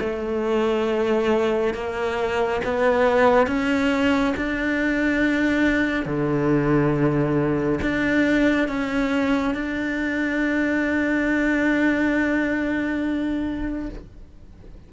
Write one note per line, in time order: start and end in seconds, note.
0.00 1.74 A3
1.74 2.61 A#3
2.64 3.47 B3
3.47 4.34 C#4
4.36 6.06 D4
6.06 7.79 D3
7.81 8.68 D4
8.68 9.55 C#4
9.55 13.89 D4